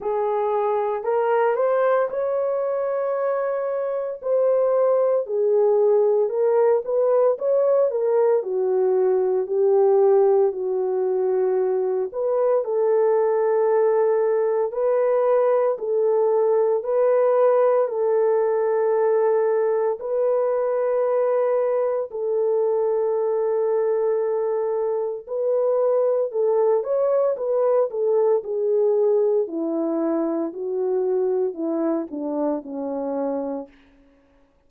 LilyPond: \new Staff \with { instrumentName = "horn" } { \time 4/4 \tempo 4 = 57 gis'4 ais'8 c''8 cis''2 | c''4 gis'4 ais'8 b'8 cis''8 ais'8 | fis'4 g'4 fis'4. b'8 | a'2 b'4 a'4 |
b'4 a'2 b'4~ | b'4 a'2. | b'4 a'8 cis''8 b'8 a'8 gis'4 | e'4 fis'4 e'8 d'8 cis'4 | }